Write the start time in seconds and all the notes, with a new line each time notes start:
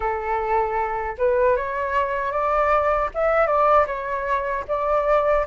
0.00 A4
1.18 B4
1.56 C#5
2.31 D5
3.14 E5
3.46 D5
3.86 C#5
4.68 D5